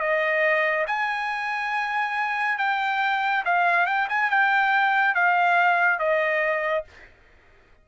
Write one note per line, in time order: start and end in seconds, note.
0.00 0.86 D#5
0.87 2.58 G#5
2.58 3.44 G5
3.45 3.86 F5
3.86 4.08 G5
4.09 4.31 G#5
4.31 5.15 G5
5.15 5.99 F5
5.99 6.85 D#5